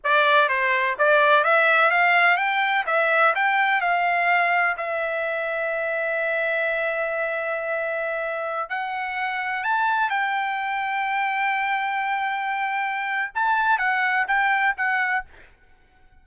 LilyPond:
\new Staff \with { instrumentName = "trumpet" } { \time 4/4 \tempo 4 = 126 d''4 c''4 d''4 e''4 | f''4 g''4 e''4 g''4 | f''2 e''2~ | e''1~ |
e''2~ e''16 fis''4.~ fis''16~ | fis''16 a''4 g''2~ g''8.~ | g''1 | a''4 fis''4 g''4 fis''4 | }